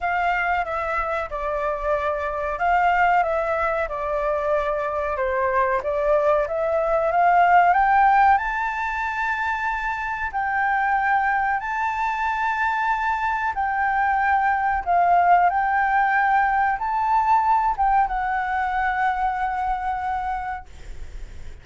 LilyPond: \new Staff \with { instrumentName = "flute" } { \time 4/4 \tempo 4 = 93 f''4 e''4 d''2 | f''4 e''4 d''2 | c''4 d''4 e''4 f''4 | g''4 a''2. |
g''2 a''2~ | a''4 g''2 f''4 | g''2 a''4. g''8 | fis''1 | }